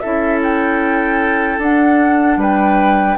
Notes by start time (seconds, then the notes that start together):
0.00 C#4 E4 A4 E5
0.43 G5
1.59 D4 F#5
2.37 G3 B4 G5